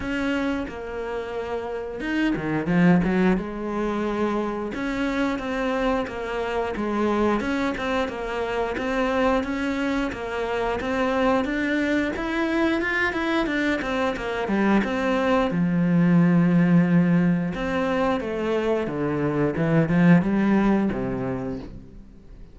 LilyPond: \new Staff \with { instrumentName = "cello" } { \time 4/4 \tempo 4 = 89 cis'4 ais2 dis'8 dis8 | f8 fis8 gis2 cis'4 | c'4 ais4 gis4 cis'8 c'8 | ais4 c'4 cis'4 ais4 |
c'4 d'4 e'4 f'8 e'8 | d'8 c'8 ais8 g8 c'4 f4~ | f2 c'4 a4 | d4 e8 f8 g4 c4 | }